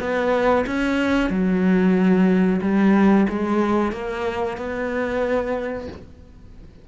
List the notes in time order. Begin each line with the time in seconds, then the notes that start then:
0.00 B3
0.66 C#4
1.30 F#3
2.61 G3
3.29 G#3
3.92 A#3
4.57 B3